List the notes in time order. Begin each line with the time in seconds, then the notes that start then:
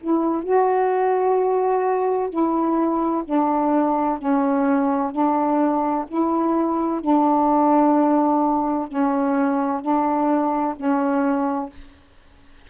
0.00 E4
0.43 F#4
2.29 E4
3.24 D4
4.18 C#4
5.11 D4
6.07 E4
7.00 D4
8.88 C#4
9.81 D4
10.76 C#4